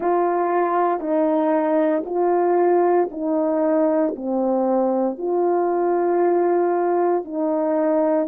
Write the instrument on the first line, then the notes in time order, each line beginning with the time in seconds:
horn
0.00 F4
1.00 D#4
2.05 F4
3.11 D#4
4.16 C4
5.18 F4
7.24 D#4